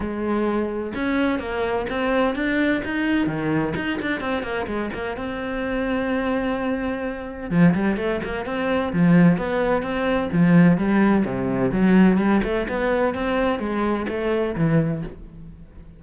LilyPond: \new Staff \with { instrumentName = "cello" } { \time 4/4 \tempo 4 = 128 gis2 cis'4 ais4 | c'4 d'4 dis'4 dis4 | dis'8 d'8 c'8 ais8 gis8 ais8 c'4~ | c'1 |
f8 g8 a8 ais8 c'4 f4 | b4 c'4 f4 g4 | c4 fis4 g8 a8 b4 | c'4 gis4 a4 e4 | }